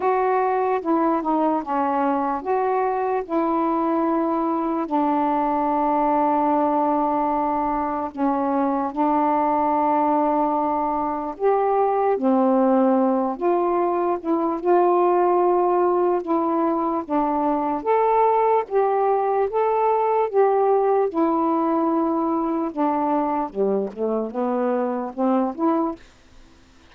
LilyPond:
\new Staff \with { instrumentName = "saxophone" } { \time 4/4 \tempo 4 = 74 fis'4 e'8 dis'8 cis'4 fis'4 | e'2 d'2~ | d'2 cis'4 d'4~ | d'2 g'4 c'4~ |
c'8 f'4 e'8 f'2 | e'4 d'4 a'4 g'4 | a'4 g'4 e'2 | d'4 g8 a8 b4 c'8 e'8 | }